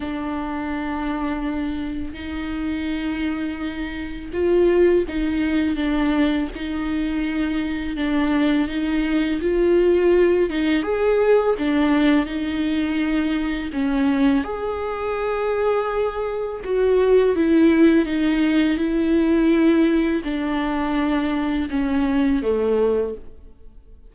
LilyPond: \new Staff \with { instrumentName = "viola" } { \time 4/4 \tempo 4 = 83 d'2. dis'4~ | dis'2 f'4 dis'4 | d'4 dis'2 d'4 | dis'4 f'4. dis'8 gis'4 |
d'4 dis'2 cis'4 | gis'2. fis'4 | e'4 dis'4 e'2 | d'2 cis'4 a4 | }